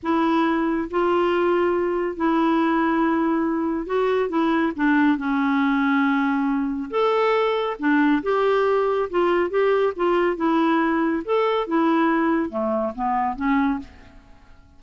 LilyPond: \new Staff \with { instrumentName = "clarinet" } { \time 4/4 \tempo 4 = 139 e'2 f'2~ | f'4 e'2.~ | e'4 fis'4 e'4 d'4 | cis'1 |
a'2 d'4 g'4~ | g'4 f'4 g'4 f'4 | e'2 a'4 e'4~ | e'4 a4 b4 cis'4 | }